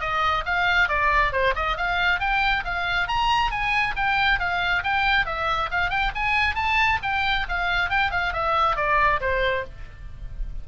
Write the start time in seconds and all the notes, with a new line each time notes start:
0.00 D#5
0.45 F5
0.88 D5
1.32 C5
1.55 D#5
1.77 F5
2.20 G5
2.64 F5
3.08 A#5
3.51 G#5
3.96 G5
4.39 F5
4.83 G5
5.26 E5
5.71 F5
5.89 G5
6.15 G#5
6.55 A5
7.02 G5
7.48 F5
7.89 G5
8.11 F5
8.33 E5
8.76 D5
9.20 C5